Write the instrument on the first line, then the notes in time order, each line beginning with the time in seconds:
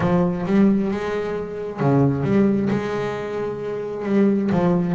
double bass
0.00 F3
0.46 G3
0.91 G#3
1.79 C#3
2.23 G3
2.70 G#3
4.05 G3
4.51 F3